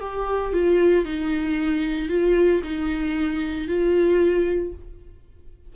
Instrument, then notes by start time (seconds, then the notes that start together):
viola
0.00 G4
0.53 F4
1.05 D#4
2.09 F4
2.63 D#4
3.67 F4